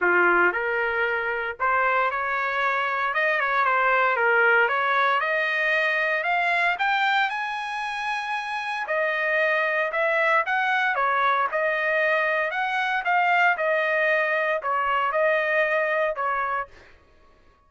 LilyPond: \new Staff \with { instrumentName = "trumpet" } { \time 4/4 \tempo 4 = 115 f'4 ais'2 c''4 | cis''2 dis''8 cis''8 c''4 | ais'4 cis''4 dis''2 | f''4 g''4 gis''2~ |
gis''4 dis''2 e''4 | fis''4 cis''4 dis''2 | fis''4 f''4 dis''2 | cis''4 dis''2 cis''4 | }